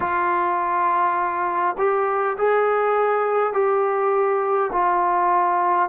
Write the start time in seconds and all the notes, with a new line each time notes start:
0.00 F4
1.78 G4
2.37 G#4
3.53 G4
4.72 F4